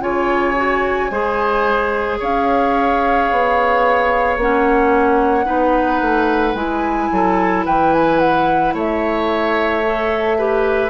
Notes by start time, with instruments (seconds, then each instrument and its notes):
0.00 bassoon C#3, clarinet F4, oboe C#5, flute G#5
0.56 clarinet F#4
1.10 bassoon G#3, clarinet G#4, oboe C5
2.19 bassoon C#4, oboe C#5, flute F5
3.31 bassoon B3
4.37 bassoon A#3, clarinet C#4, flute F#5
5.45 bassoon B3, clarinet D#4, oboe B4
6.02 bassoon A3
6.54 bassoon G#3, clarinet E4, flute G#5
7.12 bassoon F#3, oboe A4
7.65 bassoon E3, oboe B4, flute G5
7.93 flute G#5
8.19 flute F#5
8.74 bassoon A3, oboe C#5, flute E5
9.85 clarinet A4
10.38 clarinet G4, oboe B4